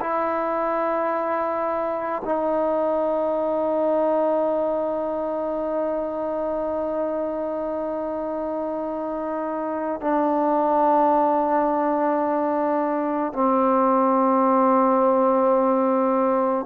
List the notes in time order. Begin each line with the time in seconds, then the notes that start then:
0.00 E4
2.25 D#4
10.01 D4
13.33 C4